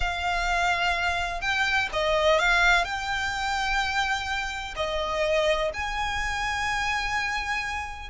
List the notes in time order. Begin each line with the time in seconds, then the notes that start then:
0.00 F5
1.41 G5
1.93 D#5
2.39 F5
2.84 G5
4.76 D#5
5.73 G#5